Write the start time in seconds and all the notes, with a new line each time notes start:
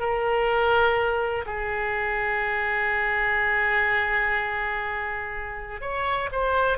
0.00 A#4
1.46 G#4
5.81 C#5
6.32 C5